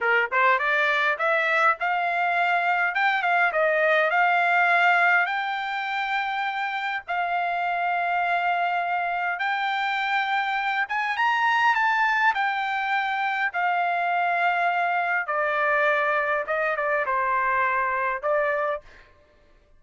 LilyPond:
\new Staff \with { instrumentName = "trumpet" } { \time 4/4 \tempo 4 = 102 ais'8 c''8 d''4 e''4 f''4~ | f''4 g''8 f''8 dis''4 f''4~ | f''4 g''2. | f''1 |
g''2~ g''8 gis''8 ais''4 | a''4 g''2 f''4~ | f''2 d''2 | dis''8 d''8 c''2 d''4 | }